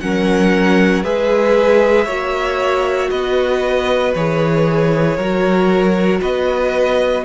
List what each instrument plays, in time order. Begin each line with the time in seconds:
0.00 cello F#3, viola C#4, violin A#4 F#5
1.03 cello G#3, viola G#4, violin B4 E5
2.05 cello A#3, viola F#4, violin C#5
3.10 cello B3, violin B4 D#5
4.14 cello E3, viola G#4, violin C#5
5.16 cello F#3, viola F#4, violin A#4
6.21 cello B3, violin B4 D#5